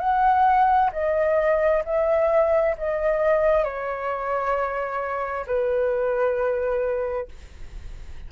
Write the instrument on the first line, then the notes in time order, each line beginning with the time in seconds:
flute
0.00 F#5
0.93 D#5
1.85 E5
2.78 D#5
3.64 C#5
5.47 B4